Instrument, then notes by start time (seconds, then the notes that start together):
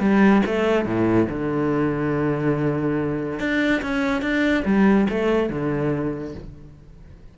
cello
0.00 G3
0.46 A3
0.85 A2
1.29 D3
3.40 D4
3.83 C#4
4.22 D4
4.65 G3
5.10 A3
5.50 D3